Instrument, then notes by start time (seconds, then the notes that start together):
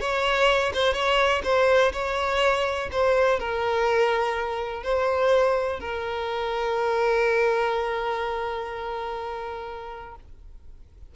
violin
0.00 C#5
0.74 C5
0.93 C#5
1.44 C5
1.92 C#5
2.92 C5
3.40 A#4
4.83 C5
5.80 A#4